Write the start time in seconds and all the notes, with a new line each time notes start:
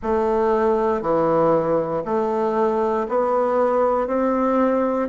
0.02 A3
1.01 E3
2.05 A3
3.08 B3
4.07 C4